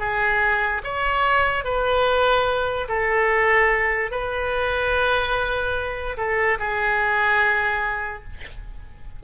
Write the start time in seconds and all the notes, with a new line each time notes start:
0.00 G#4
0.84 C#5
1.65 B4
2.89 A4
4.11 B4
6.17 A4
6.59 G#4